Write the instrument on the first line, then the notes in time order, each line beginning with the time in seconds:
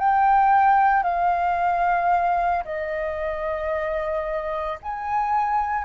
flute
0.00 G5
1.03 F5
2.65 D#5
4.83 G#5